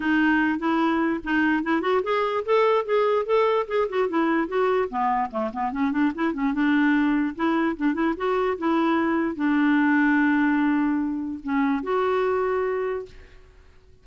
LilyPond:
\new Staff \with { instrumentName = "clarinet" } { \time 4/4 \tempo 4 = 147 dis'4. e'4. dis'4 | e'8 fis'8 gis'4 a'4 gis'4 | a'4 gis'8 fis'8 e'4 fis'4 | b4 a8 b8 cis'8 d'8 e'8 cis'8 |
d'2 e'4 d'8 e'8 | fis'4 e'2 d'4~ | d'1 | cis'4 fis'2. | }